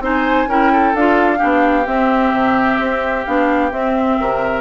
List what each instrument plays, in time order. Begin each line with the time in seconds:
0.00 bassoon C4, clarinet D#4, oboe C5, flute G#5
0.48 bassoon C#4, clarinet E4, oboe A#4, flute G5
0.72 oboe A4
0.95 bassoon D4, clarinet F4, flute F5
1.38 bassoon B3, clarinet D4, oboe G4
1.87 clarinet C4, bassoon C4, flute E5
2.33 bassoon C3
2.79 bassoon C4
3.25 bassoon B3, clarinet D4, flute F5
3.71 clarinet C4, bassoon C4, flute E5
4.20 bassoon C3, oboe A#4